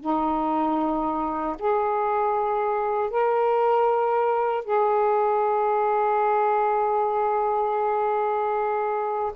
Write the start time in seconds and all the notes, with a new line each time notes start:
0.00 D#4
1.58 G#4
3.10 A#4
4.64 G#4